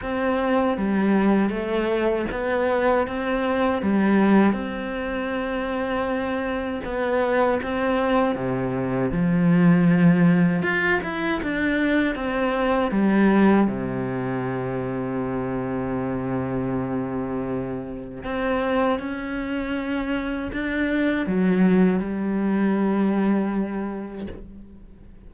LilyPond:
\new Staff \with { instrumentName = "cello" } { \time 4/4 \tempo 4 = 79 c'4 g4 a4 b4 | c'4 g4 c'2~ | c'4 b4 c'4 c4 | f2 f'8 e'8 d'4 |
c'4 g4 c2~ | c1 | c'4 cis'2 d'4 | fis4 g2. | }